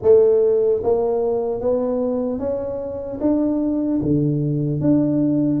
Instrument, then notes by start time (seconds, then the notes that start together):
tuba
0.02 A3
0.83 A#3
1.60 B3
2.39 C#4
3.20 D4
4.01 D3
4.80 D4